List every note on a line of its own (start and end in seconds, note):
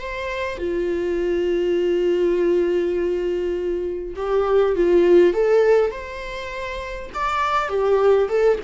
0.00 0.58 C5
0.58 4.15 F4
4.17 4.76 G4
4.76 5.34 F4
5.34 5.92 A4
5.92 7.11 C5
7.14 7.69 D5
7.69 8.29 G4
8.29 8.59 A4